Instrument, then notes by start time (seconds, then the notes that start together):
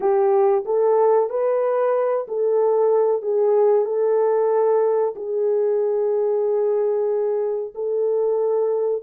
horn
0.00 G4
0.65 A4
1.29 B4
2.28 A4
3.22 G#4
3.85 A4
5.15 G#4
7.74 A4